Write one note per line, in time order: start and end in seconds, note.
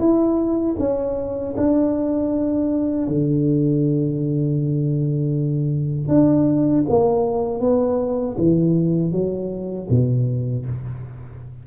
0.00 0.76 E4
0.79 1.55 C#4
1.57 3.08 D4
3.08 6.08 D3
6.08 6.84 D4
6.89 7.60 A#3
7.60 8.36 B3
8.38 9.12 E3
9.12 9.88 F#3
9.90 10.66 B2